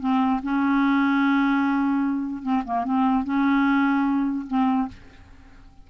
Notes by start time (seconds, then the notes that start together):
0.00 C4
0.43 C#4
2.43 C4
2.65 A#3
2.85 C4
3.24 C#4
4.47 C4